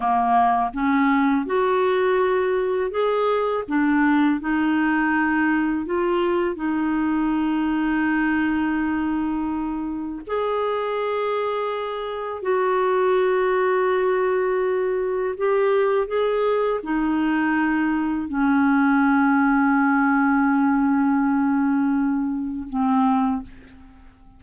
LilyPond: \new Staff \with { instrumentName = "clarinet" } { \time 4/4 \tempo 4 = 82 ais4 cis'4 fis'2 | gis'4 d'4 dis'2 | f'4 dis'2.~ | dis'2 gis'2~ |
gis'4 fis'2.~ | fis'4 g'4 gis'4 dis'4~ | dis'4 cis'2.~ | cis'2. c'4 | }